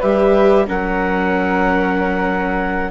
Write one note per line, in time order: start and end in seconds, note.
0.00 0.67 G3
0.00 0.67 G4
0.00 0.65 B4
0.00 0.66 E5
0.67 2.91 F#3
0.67 2.91 C#4
0.67 2.91 A#4
0.67 2.91 F#5